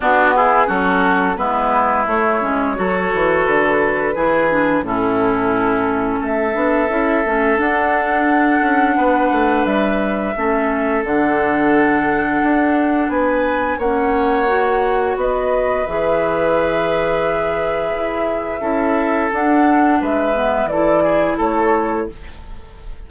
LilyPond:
<<
  \new Staff \with { instrumentName = "flute" } { \time 4/4 \tempo 4 = 87 fis'8 gis'8 a'4 b'4 cis''4~ | cis''4 b'2 a'4~ | a'4 e''2 fis''4~ | fis''2 e''2 |
fis''2. gis''4 | fis''2 dis''4 e''4~ | e''1 | fis''4 e''4 d''4 cis''4 | }
  \new Staff \with { instrumentName = "oboe" } { \time 4/4 d'8 e'8 fis'4 e'2 | a'2 gis'4 e'4~ | e'4 a'2.~ | a'4 b'2 a'4~ |
a'2. b'4 | cis''2 b'2~ | b'2. a'4~ | a'4 b'4 a'8 gis'8 a'4 | }
  \new Staff \with { instrumentName = "clarinet" } { \time 4/4 b4 cis'4 b4 a8 cis'8 | fis'2 e'8 d'8 cis'4~ | cis'4. d'8 e'8 cis'8 d'4~ | d'2. cis'4 |
d'1 | cis'4 fis'2 gis'4~ | gis'2. e'4 | d'4. b8 e'2 | }
  \new Staff \with { instrumentName = "bassoon" } { \time 4/4 b4 fis4 gis4 a8 gis8 | fis8 e8 d4 e4 a,4~ | a,4 a8 b8 cis'8 a8 d'4~ | d'8 cis'8 b8 a8 g4 a4 |
d2 d'4 b4 | ais2 b4 e4~ | e2 e'4 cis'4 | d'4 gis4 e4 a4 | }
>>